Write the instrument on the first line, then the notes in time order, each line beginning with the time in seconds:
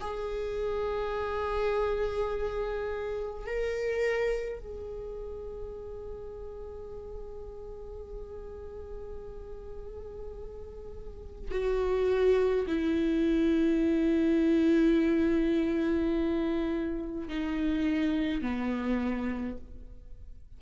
viola
0.00 G#4
3.46 A#4
4.59 G#4
11.51 F#4
12.67 E4
17.28 D#4
18.41 B3